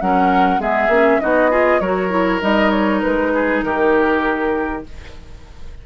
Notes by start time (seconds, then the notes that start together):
0.00 F#3 C#4 A#4 F#5
0.58 G#3 B3 G#4 E5
0.87 A#3 C#4
1.20 B3 D#4 F#4 D#5
1.50 F4 G#4
1.80 F#3 F#4 A#4 C#5
2.09 E4
2.40 G3 D#4 D#5
2.70 C#5
3.01 G#3 B4
3.34 G#4
3.62 D#3 G4 A#4